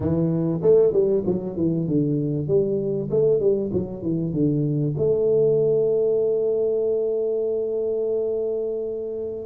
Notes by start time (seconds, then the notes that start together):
0.00 E3
0.62 A3
0.92 G3
1.26 F#3
1.56 E3
1.87 D3
2.47 G3
3.10 A3
3.40 G3
3.73 F#3
4.02 E3
4.33 D3
4.97 A3